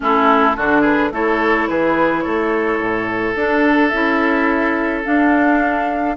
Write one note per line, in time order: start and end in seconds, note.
0.00 0.56 A3
0.00 0.54 C#4
0.00 0.56 E4
0.00 0.83 A4
0.56 1.11 D3
0.56 1.12 D4
0.56 0.81 F#4
0.81 1.09 G#4
0.81 1.11 B4
1.11 1.67 A3
1.11 3.36 E4
1.11 1.69 A4
1.11 1.67 C#5
1.67 2.25 E3
1.67 2.24 G#4
1.67 2.20 B4
2.20 2.79 A3
2.20 6.16 A4
2.20 3.32 C#5
2.79 3.35 A2
3.36 3.92 D4
3.36 3.88 A4
3.88 5.05 C#4
3.88 5.03 E4
3.88 5.01 E5
5.03 6.15 D4
5.03 6.16 D4
5.03 6.16 F5